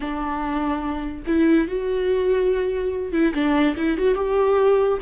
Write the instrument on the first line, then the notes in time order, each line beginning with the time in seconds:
viola
0.00 D4
1.27 E4
1.67 F#4
3.12 E4
3.33 D4
3.76 E4
3.97 F#4
4.14 G4